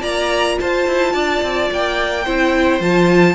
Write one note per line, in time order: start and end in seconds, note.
0.00 0.58 A#3
0.00 2.22 F4
0.00 0.57 D5
0.00 0.59 A#5
0.60 0.88 F4
0.60 1.14 C5
0.60 1.71 A5
0.88 1.14 E4
1.14 1.42 D4
1.14 2.25 D5
1.43 1.70 C4
1.72 2.27 A#3
1.72 2.82 G5
2.25 2.81 C4
2.25 2.80 E4
2.25 3.35 C5
2.80 3.35 F3
2.80 3.35 F4
2.80 3.35 A5